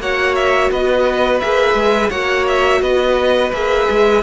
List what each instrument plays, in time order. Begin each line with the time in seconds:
0.00 cello A#3, viola F#4, violin C#5 F#5
0.35 violin E5
0.71 cello B3, violin B4 D#5
1.40 cello A#3, viola G#4, violin E5
1.75 cello G#3
2.10 cello A#3, viola F#4, violin C#5 F#5
2.48 violin E5
2.81 cello B3, violin B4 D#5
3.53 cello A#3, viola G#4, violin E5
3.90 cello G#3